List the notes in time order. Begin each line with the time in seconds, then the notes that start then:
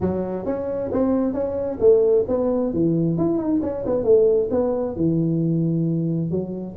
0.00 F#3
0.45 C#4
0.91 C4
1.33 C#4
1.80 A3
2.28 B3
2.73 E3
3.17 E4
3.38 D#4
3.62 C#4
3.86 B3
4.04 A3
4.50 B3
4.95 E3
6.30 F#3